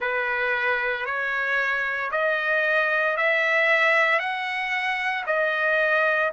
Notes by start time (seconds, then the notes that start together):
0.00 B4
1.05 C#5
2.11 D#5
3.16 E5
4.19 F#5
5.26 D#5